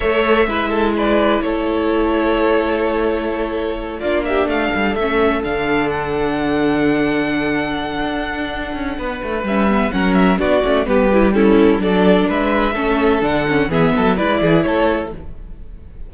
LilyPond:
<<
  \new Staff \with { instrumentName = "violin" } { \time 4/4 \tempo 4 = 127 e''2 d''4 cis''4~ | cis''1~ | cis''8 d''8 e''8 f''4 e''4 f''8~ | f''8 fis''2.~ fis''8~ |
fis''1 | e''4 fis''8 e''8 d''4 b'4 | a'4 d''4 e''2 | fis''4 e''4 d''4 cis''4 | }
  \new Staff \with { instrumentName = "violin" } { \time 4/4 cis''4 b'8 a'8 b'4 a'4~ | a'1~ | a'8 f'8 g'8 a'2~ a'8~ | a'1~ |
a'2. b'4~ | b'4 ais'4 fis'4 g'4 | e'4 a'4 b'4 a'4~ | a'4 gis'8 a'8 b'8 gis'8 a'4 | }
  \new Staff \with { instrumentName = "viola" } { \time 4/4 a'4 e'2.~ | e'1~ | e'8 d'2 cis'4 d'8~ | d'1~ |
d'1 | cis'8 b8 cis'4 d'8 cis'8 b8 e'8 | cis'4 d'2 cis'4 | d'8 cis'8 b4 e'2 | }
  \new Staff \with { instrumentName = "cello" } { \time 4/4 a4 gis2 a4~ | a1~ | a8 ais4 a8 g8 a4 d8~ | d1~ |
d4 d'4. cis'8 b8 a8 | g4 fis4 b8 a8 g4~ | g4 fis4 gis4 a4 | d4 e8 fis8 gis8 e8 a4 | }
>>